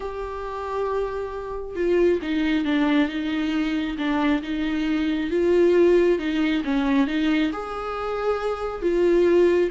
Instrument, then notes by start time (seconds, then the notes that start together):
viola
0.00 G4
1.75 F4
2.22 D#4
2.64 D4
3.08 D#4
3.97 D4
4.42 D#4
5.30 F4
6.18 D#4
6.64 C#4
7.07 D#4
7.52 G#4
8.81 F4